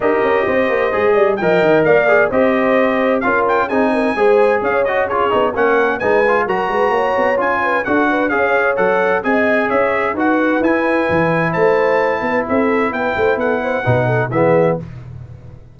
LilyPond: <<
  \new Staff \with { instrumentName = "trumpet" } { \time 4/4 \tempo 4 = 130 dis''2. g''4 | f''4 dis''2 f''8 g''8 | gis''2 f''8 dis''8 cis''4 | fis''4 gis''4 ais''2 |
gis''4 fis''4 f''4 fis''4 | gis''4 e''4 fis''4 gis''4~ | gis''4 a''2 e''4 | g''4 fis''2 e''4 | }
  \new Staff \with { instrumentName = "horn" } { \time 4/4 ais'4 c''4. d''8 dis''4 | d''4 c''2 ais'4 | gis'8 ais'8 c''4 cis''4 gis'4 | ais'4 b'4 ais'8 b'8 cis''4~ |
cis''8 b'8 a'8 b'8 cis''2 | dis''4 cis''4 b'2~ | b'4 c''4. b'8 a'4 | b'8 c''8 a'8 c''8 b'8 a'8 gis'4 | }
  \new Staff \with { instrumentName = "trombone" } { \time 4/4 g'2 gis'4 ais'4~ | ais'8 gis'8 g'2 f'4 | dis'4 gis'4. fis'8 f'8 dis'8 | cis'4 dis'8 f'8 fis'2 |
f'4 fis'4 gis'4 a'4 | gis'2 fis'4 e'4~ | e'1~ | e'2 dis'4 b4 | }
  \new Staff \with { instrumentName = "tuba" } { \time 4/4 dis'8 cis'8 c'8 ais8 gis8 g8 f8 dis8 | ais4 c'2 cis'4 | c'4 gis4 cis'4. b8 | ais4 gis4 fis8 gis8 ais8 b8 |
cis'4 d'4 cis'4 fis4 | c'4 cis'4 dis'4 e'4 | e4 a4. b8 c'4 | b8 a8 b4 b,4 e4 | }
>>